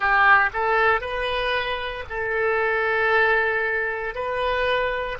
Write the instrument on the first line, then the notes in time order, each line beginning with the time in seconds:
oboe
0.00 G4
0.53 A4
1.01 B4
2.09 A4
4.14 B4